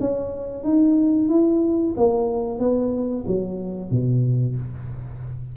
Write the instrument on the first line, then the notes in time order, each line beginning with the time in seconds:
tuba
0.00 C#4
0.63 D#4
1.29 E4
1.96 A#3
2.59 B3
3.26 F#3
3.90 B2